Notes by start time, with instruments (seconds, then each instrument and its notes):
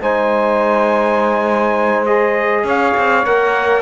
0.00 cello G#3, trombone D#4, saxophone C5, trumpet G#5
2.06 trombone G#4, trumpet D#5
2.63 cello C#4, saxophone C#5, trumpet F5
2.96 cello C4
3.25 cello A#3, trombone A#4, trumpet F#5